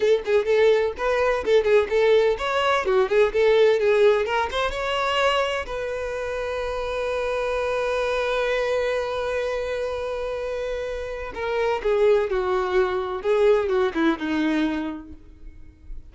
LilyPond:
\new Staff \with { instrumentName = "violin" } { \time 4/4 \tempo 4 = 127 a'8 gis'8 a'4 b'4 a'8 gis'8 | a'4 cis''4 fis'8 gis'8 a'4 | gis'4 ais'8 c''8 cis''2 | b'1~ |
b'1~ | b'1 | ais'4 gis'4 fis'2 | gis'4 fis'8 e'8 dis'2 | }